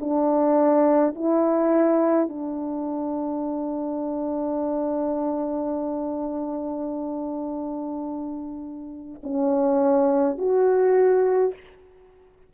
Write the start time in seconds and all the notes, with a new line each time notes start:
0.00 D4
1.15 E4
2.29 D4
9.24 C#4
10.38 F#4